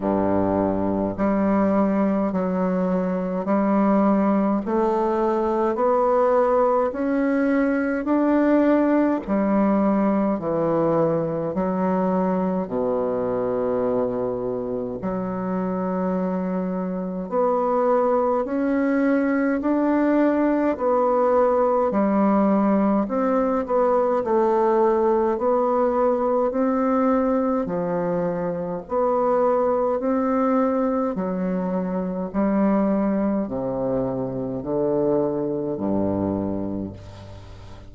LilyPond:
\new Staff \with { instrumentName = "bassoon" } { \time 4/4 \tempo 4 = 52 g,4 g4 fis4 g4 | a4 b4 cis'4 d'4 | g4 e4 fis4 b,4~ | b,4 fis2 b4 |
cis'4 d'4 b4 g4 | c'8 b8 a4 b4 c'4 | f4 b4 c'4 fis4 | g4 c4 d4 g,4 | }